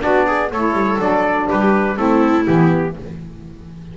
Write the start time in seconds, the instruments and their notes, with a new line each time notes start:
0.00 double bass B3, saxophone D4, viola F#4, trumpet D5
0.27 viola G#4
0.52 double bass A3, saxophone E4, viola A4, trumpet C#5
0.73 double bass G3
0.99 double bass F#3, saxophone D4, trumpet D5
1.48 double bass G3, viola G4, trumpet B4
1.96 double bass A3, saxophone C4, viola E4, trumpet A4
2.47 double bass E3, saxophone B3, trumpet G4